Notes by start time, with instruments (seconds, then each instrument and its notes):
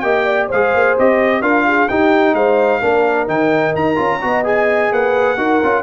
0.00 tuba A#3, trombone G4, horn D#5, trumpet G5
0.26 horn D5
0.49 tuba G#3, trombone G#4, horn C5, trumpet F5
0.74 tuba A#3
0.99 tuba C4, trombone G4, trumpet D#5
1.42 tuba D4, trombone F4, horn A#4, trumpet F5
1.67 horn G#4
1.89 tuba D#4, trombone D#4, horn G4, trumpet G5
2.34 tuba G#3, horn C5, trumpet F5
2.80 tuba A#3, trombone D4, horn A#4
3.28 tuba D#3, trombone D#4, trumpet G5
3.75 tuba D#4, trumpet A#5
3.96 tuba C#4, trombone F4
4.22 tuba B3, trombone F#4, horn D#5
4.44 trombone G#4, trumpet G#5
4.92 tuba A#3, horn B4, trumpet F#5
5.37 tuba D#4, trombone F#4, horn A#4
5.64 tuba C#4, trombone F4